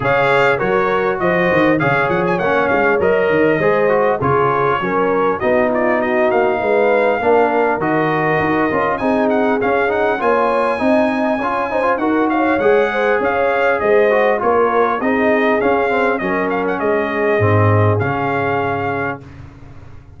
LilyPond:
<<
  \new Staff \with { instrumentName = "trumpet" } { \time 4/4 \tempo 4 = 100 f''4 cis''4 dis''4 f''8 fis''16 gis''16 | fis''8 f''8 dis''2 cis''4~ | cis''4 dis''8 d''8 dis''8 f''4.~ | f''4 dis''2 gis''8 fis''8 |
f''8 fis''8 gis''2. | fis''8 f''8 fis''4 f''4 dis''4 | cis''4 dis''4 f''4 dis''8 f''16 fis''16 | dis''2 f''2 | }
  \new Staff \with { instrumentName = "horn" } { \time 4/4 cis''4 ais'4 c''4 cis''4~ | cis''2 c''4 gis'4 | ais'4 fis'8 f'8 fis'4 b'4 | ais'2. gis'4~ |
gis'4 cis''4 dis''4 cis''8 c''8 | ais'8 cis''4 c''8 cis''4 c''4 | ais'4 gis'2 ais'4 | gis'1 | }
  \new Staff \with { instrumentName = "trombone" } { \time 4/4 gis'4 fis'2 gis'4 | cis'4 ais'4 gis'8 fis'8 f'4 | cis'4 dis'2. | d'4 fis'4. f'8 dis'4 |
cis'8 dis'8 f'4 dis'4 f'8 dis'16 f'16 | fis'4 gis'2~ gis'8 fis'8 | f'4 dis'4 cis'8 c'8 cis'4~ | cis'4 c'4 cis'2 | }
  \new Staff \with { instrumentName = "tuba" } { \time 4/4 cis4 fis4 f8 dis8 cis8 f8 | ais8 gis8 fis8 dis8 gis4 cis4 | fis4 b4. ais8 gis4 | ais4 dis4 dis'8 cis'8 c'4 |
cis'4 ais4 c'4 cis'4 | dis'4 gis4 cis'4 gis4 | ais4 c'4 cis'4 fis4 | gis4 gis,4 cis2 | }
>>